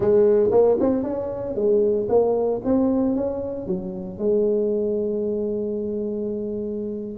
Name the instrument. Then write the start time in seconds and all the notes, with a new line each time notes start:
tuba
0.00 G#3
0.51 A#3
0.79 C4
1.03 C#4
1.55 G#3
2.08 A#3
2.64 C4
3.15 C#4
3.66 F#3
4.18 G#3